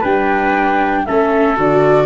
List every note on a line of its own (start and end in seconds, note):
0.00 1.06 G3
0.00 1.07 D4
0.00 1.03 B4
0.00 1.06 G5
1.06 1.58 A3
1.06 1.56 C#4
1.06 2.06 A4
1.06 1.57 E5
1.56 2.06 D3
1.56 2.06 F#4
1.56 2.06 D5